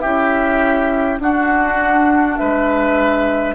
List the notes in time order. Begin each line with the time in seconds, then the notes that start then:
0.00 C#4 E4 G4 E5
1.20 D4 F#4 F#5
2.37 G#3 B4 E5